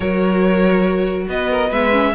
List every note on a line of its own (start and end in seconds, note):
0.00 1.27 F#3
0.00 1.71 F#4
0.00 1.28 A#4
0.00 1.25 C#5
1.28 1.71 B3
1.28 1.51 B4
1.28 1.72 D#5
1.51 1.69 A#4
1.69 2.14 G#3
1.69 1.92 B3
1.69 2.11 B4
1.69 2.14 E5
1.92 2.13 C#4